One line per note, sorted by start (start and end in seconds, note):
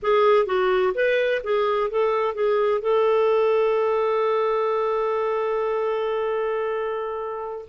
0.02 0.46 G#4
0.46 0.93 F#4
0.94 1.42 B4
1.43 1.90 G#4
1.90 2.34 A4
2.34 2.81 G#4
2.81 7.65 A4